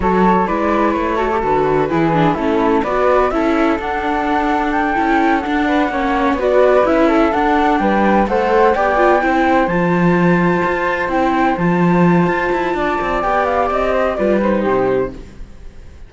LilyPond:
<<
  \new Staff \with { instrumentName = "flute" } { \time 4/4 \tempo 4 = 127 cis''4 d''4 cis''4 b'4~ | b'4 a'4 d''4 e''4 | fis''2 g''4. fis''8~ | fis''4. d''4 e''4 fis''8~ |
fis''8 g''4 fis''4 g''4.~ | g''8 a''2. g''8~ | g''8 a''2.~ a''8 | g''8 f''8 dis''4 d''8 c''4. | }
  \new Staff \with { instrumentName = "flute" } { \time 4/4 a'4 b'4. a'4. | gis'4 e'4 b'4 a'4~ | a'1 | b'8 cis''4 b'4. a'4~ |
a'8 b'4 c''4 d''4 c''8~ | c''1~ | c''2. d''4~ | d''4. c''8 b'4 g'4 | }
  \new Staff \with { instrumentName = "viola" } { \time 4/4 fis'4 e'4. fis'16 g'16 fis'4 | e'8 d'8 cis'4 fis'4 e'4 | d'2~ d'8 e'4 d'8~ | d'8 cis'4 fis'4 e'4 d'8~ |
d'4. a'4 g'8 f'8 e'8~ | e'8 f'2. e'8~ | e'8 f'2.~ f'8 | g'2 f'8 dis'4. | }
  \new Staff \with { instrumentName = "cello" } { \time 4/4 fis4 gis4 a4 d4 | e4 a4 b4 cis'4 | d'2~ d'8 cis'4 d'8~ | d'8 ais4 b4 cis'4 d'8~ |
d'8 g4 a4 b4 c'8~ | c'8 f2 f'4 c'8~ | c'8 f4. f'8 e'8 d'8 c'8 | b4 c'4 g4 c4 | }
>>